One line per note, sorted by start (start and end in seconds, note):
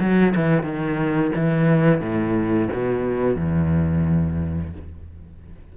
0.00 0.34 F#3
0.35 0.63 E3
0.63 1.31 D#3
1.35 2.01 E3
2.01 2.69 A2
2.72 3.36 B2
3.36 4.72 E2